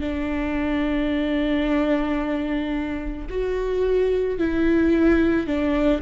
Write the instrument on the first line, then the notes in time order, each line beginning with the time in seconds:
viola
0.00 D4
3.30 F#4
4.39 E4
5.47 D4